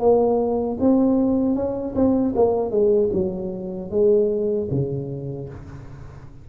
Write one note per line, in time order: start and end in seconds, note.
0.00 0.78 A#3
0.80 1.55 C4
1.55 1.94 C#4
1.96 2.34 C4
2.36 2.71 A#3
2.71 3.10 G#3
3.13 3.90 F#3
3.90 4.68 G#3
4.71 5.49 C#3